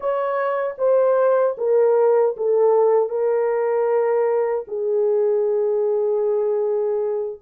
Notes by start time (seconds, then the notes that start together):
0.00 C#5
0.78 C5
1.57 A#4
2.36 A4
3.09 A#4
4.68 G#4